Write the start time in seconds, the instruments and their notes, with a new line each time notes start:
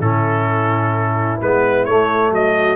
0.00 tuba A2, trombone C#4, horn E4, trumpet A4
1.41 tuba G#3, trombone B3, trumpet B4
1.85 tuba A3, trombone A3, trumpet C#5
2.30 tuba F#3, horn F#4, trumpet D#5